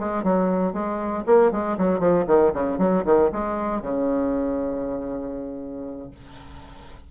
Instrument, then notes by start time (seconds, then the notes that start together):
bassoon
0.00 G#3
0.24 F#3
0.73 G#3
1.27 A#3
1.52 G#3
1.78 F#3
2.00 F3
2.27 D#3
2.54 C#3
2.79 F#3
3.05 D#3
3.33 G#3
3.83 C#3